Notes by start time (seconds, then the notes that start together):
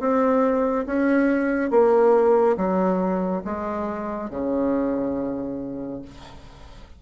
0.00 C4
0.86 C#4
1.71 A#3
2.57 F#3
3.45 G#3
4.31 C#3